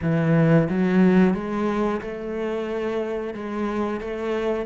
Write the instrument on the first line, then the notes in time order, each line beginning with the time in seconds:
cello
0.02 E3
0.69 F#3
1.34 G#3
2.01 A3
3.33 G#3
4.00 A3